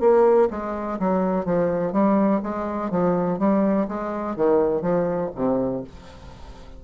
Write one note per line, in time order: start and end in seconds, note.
0.00 0.48 A#3
0.50 0.99 G#3
0.99 1.45 F#3
1.45 1.92 F3
1.92 2.41 G3
2.43 2.90 G#3
2.90 3.38 F3
3.39 3.87 G3
3.88 4.36 G#3
4.36 4.81 D#3
4.81 5.30 F3
5.35 5.83 C3